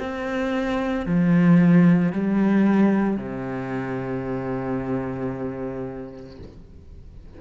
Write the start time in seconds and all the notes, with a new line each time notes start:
0.00 C4
1.07 F3
2.13 G3
3.18 C3